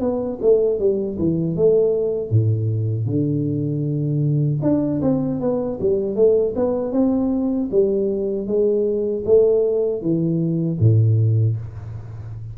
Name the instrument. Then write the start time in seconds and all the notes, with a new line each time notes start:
tuba
0.00 B3
0.41 A3
0.79 G3
1.18 E3
1.56 A3
2.30 A2
3.06 D3
4.62 D4
5.01 C4
5.40 B3
5.80 G3
6.15 A3
6.55 B3
6.92 C4
7.71 G3
8.47 G#3
9.25 A3
10.01 E3
10.79 A2